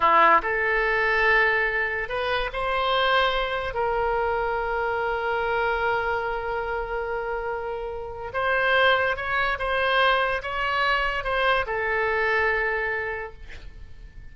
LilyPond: \new Staff \with { instrumentName = "oboe" } { \time 4/4 \tempo 4 = 144 e'4 a'2.~ | a'4 b'4 c''2~ | c''4 ais'2.~ | ais'1~ |
ais'1 | c''2 cis''4 c''4~ | c''4 cis''2 c''4 | a'1 | }